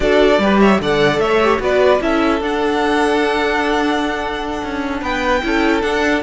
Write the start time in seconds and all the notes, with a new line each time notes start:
0.00 D4 F#4 A4 D5
0.38 G3 G4 B4
0.60 C#5 E5
0.80 D3 A4 D5 F#5
1.18 A3 C#5 E5
1.43 G4
1.59 B3 F#4 B4 D5
2.01 C#4 E4 A4 E5
2.40 D4 F#5
4.63 C#4
5.00 B3 B4 G5
5.43 C#4 E4 A4
5.81 D4 F#5